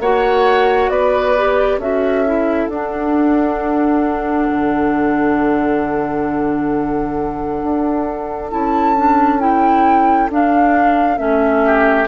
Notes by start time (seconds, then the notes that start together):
0.00 A#3 F#4 C#5 F#5
0.89 B3 B4 D5
1.37 G4
1.78 C#4 F#4 A4 E5
2.26 E4
2.67 D4 F#5
4.50 D3
7.63 D4
8.51 C#4 E4 A5
8.96 D4
9.40 E4 G5
10.30 D4 F5
11.18 A3 C#4 E5
11.65 G4